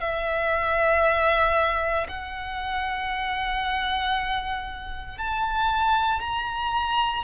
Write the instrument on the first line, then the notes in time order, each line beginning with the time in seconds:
violin
0.00 E5
2.08 F#5
5.18 A5
6.20 A#5